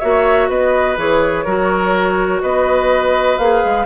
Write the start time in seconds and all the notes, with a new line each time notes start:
0.00 A#3 F#4 C#5 E5
0.48 B3 B4 D#5
0.97 E3 G#4 C#5
1.45 F#3 F#4 A#4
2.42 B3 B4 D#5
3.38 A#3 G#4 F5
3.64 G#3